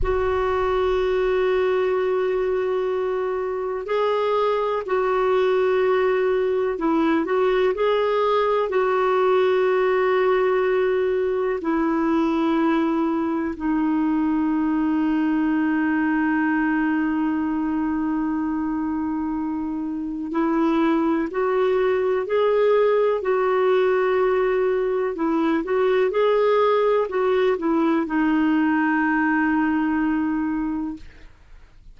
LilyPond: \new Staff \with { instrumentName = "clarinet" } { \time 4/4 \tempo 4 = 62 fis'1 | gis'4 fis'2 e'8 fis'8 | gis'4 fis'2. | e'2 dis'2~ |
dis'1~ | dis'4 e'4 fis'4 gis'4 | fis'2 e'8 fis'8 gis'4 | fis'8 e'8 dis'2. | }